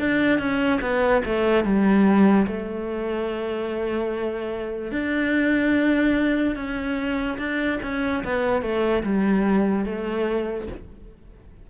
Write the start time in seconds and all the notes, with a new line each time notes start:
0.00 D4
0.39 C#4
0.81 B3
1.26 A3
1.65 G3
2.47 A3
4.92 D4
6.56 C#4
7.38 D4
7.83 C#4
8.24 B3
8.62 A3
9.03 G3
9.86 A3